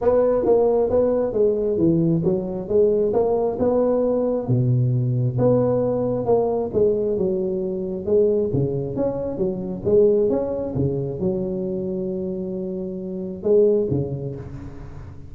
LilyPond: \new Staff \with { instrumentName = "tuba" } { \time 4/4 \tempo 4 = 134 b4 ais4 b4 gis4 | e4 fis4 gis4 ais4 | b2 b,2 | b2 ais4 gis4 |
fis2 gis4 cis4 | cis'4 fis4 gis4 cis'4 | cis4 fis2.~ | fis2 gis4 cis4 | }